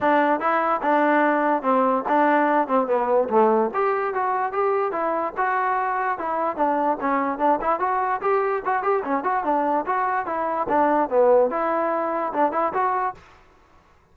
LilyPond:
\new Staff \with { instrumentName = "trombone" } { \time 4/4 \tempo 4 = 146 d'4 e'4 d'2 | c'4 d'4. c'8 b4 | a4 g'4 fis'4 g'4 | e'4 fis'2 e'4 |
d'4 cis'4 d'8 e'8 fis'4 | g'4 fis'8 g'8 cis'8 fis'8 d'4 | fis'4 e'4 d'4 b4 | e'2 d'8 e'8 fis'4 | }